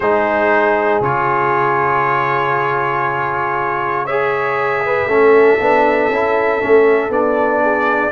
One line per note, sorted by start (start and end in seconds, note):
0.00 1.00 G#3
0.00 1.03 D#4
0.00 4.05 G#4
0.00 1.01 C5
1.00 5.05 C#3
1.00 4.08 F4
1.00 4.06 C#5
4.05 5.08 G#4
4.05 4.81 C#5
4.05 7.11 E5
4.85 5.09 B4
5.05 5.56 A3
5.05 5.59 C#4
5.05 7.63 A4
5.59 6.09 B3
5.59 6.11 D4
6.09 6.60 C#4
6.09 6.60 E4
6.60 7.09 A3
6.60 7.10 C#4
7.09 8.11 B3
7.09 8.11 D4
7.09 8.11 D5
7.63 8.11 G#4